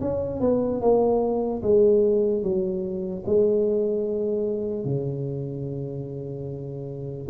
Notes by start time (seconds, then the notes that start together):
0.00 C#4
0.40 B3
0.81 A#3
1.62 G#3
2.42 F#3
3.25 G#3
4.84 C#3